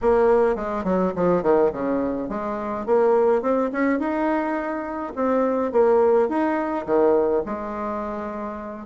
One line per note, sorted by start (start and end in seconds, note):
0.01 0.55 A#3
0.55 0.84 G#3
0.84 1.12 F#3
1.15 1.42 F3
1.42 1.71 D#3
1.72 2.28 C#3
2.28 2.85 G#3
2.85 3.42 A#3
3.42 3.70 C4
3.72 3.99 C#4
3.99 5.13 D#4
5.15 5.72 C4
5.72 6.28 A#3
6.28 6.85 D#4
6.86 7.43 D#3
7.45 8.86 G#3